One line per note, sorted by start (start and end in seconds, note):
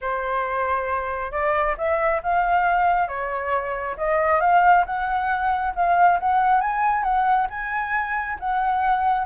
0.01 1.31 C5
1.31 1.75 D5
1.77 2.21 E5
2.23 3.07 F5
3.07 3.96 C#5
3.97 4.40 D#5
4.40 4.84 F5
4.85 5.74 F#5
5.75 6.19 F5
6.19 6.60 F#5
6.60 7.03 G#5
7.03 7.47 F#5
7.49 8.38 G#5
8.39 9.26 F#5